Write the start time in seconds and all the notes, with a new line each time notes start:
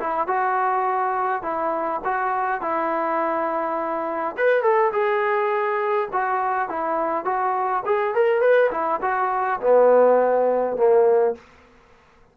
0.00 E4
0.28 F#4
1.43 E4
2.05 F#4
2.62 E4
4.38 B4
4.63 A4
4.93 G#4
6.13 F#4
6.69 E4
7.25 F#4
7.86 G#4
8.14 A#4
8.42 B4
8.71 E4
9.02 F#4
9.61 B3
10.77 A#3